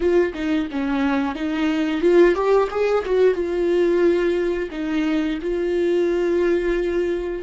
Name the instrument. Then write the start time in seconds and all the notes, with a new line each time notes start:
viola
0.00 F4
0.34 D#4
0.71 C#4
1.35 D#4
2.01 F4
2.34 G4
2.70 G#4
3.05 F#4
3.34 F4
4.71 D#4
5.41 F4